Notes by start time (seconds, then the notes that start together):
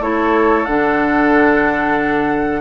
0.00 A3 E4 A4 C#5
0.65 D3 D4 F#5